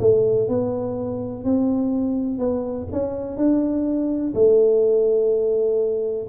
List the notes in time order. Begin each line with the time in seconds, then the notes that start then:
0.00 A3
0.49 B3
1.44 C4
2.39 B3
2.93 C#4
3.37 D4
4.35 A3